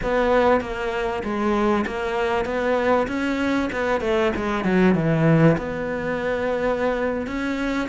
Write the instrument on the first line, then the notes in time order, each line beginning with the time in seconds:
cello
0.02 B3
0.60 A#3
1.23 G#3
1.86 A#3
2.45 B3
3.07 C#4
3.72 B3
4.00 A3
4.36 G#3
4.64 F#3
4.95 E3
5.57 B3
7.26 C#4